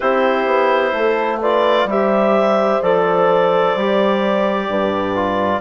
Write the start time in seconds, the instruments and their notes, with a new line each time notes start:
0.00 bassoon C4, trombone E4, horn G4, clarinet C5
0.45 bassoon B3
0.93 bassoon A3, horn A4
1.41 trombone F4, horn B4, clarinet D5
1.85 bassoon G3, trombone G4, horn C5, clarinet E5
2.81 bassoon F3, trombone A4, clarinet D5
3.75 bassoon G3, trombone G4
4.69 bassoon G2, horn B4
5.14 trombone F4